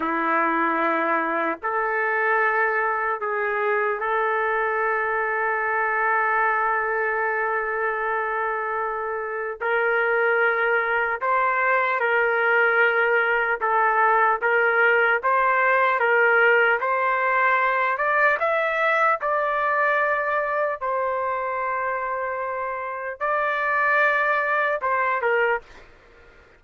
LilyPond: \new Staff \with { instrumentName = "trumpet" } { \time 4/4 \tempo 4 = 75 e'2 a'2 | gis'4 a'2.~ | a'1 | ais'2 c''4 ais'4~ |
ais'4 a'4 ais'4 c''4 | ais'4 c''4. d''8 e''4 | d''2 c''2~ | c''4 d''2 c''8 ais'8 | }